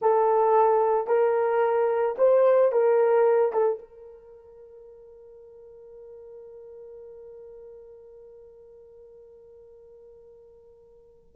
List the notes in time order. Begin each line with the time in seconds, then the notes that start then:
0.01 A4
1.07 A#4
2.18 C5
2.72 A#4
3.52 A4
3.78 A#4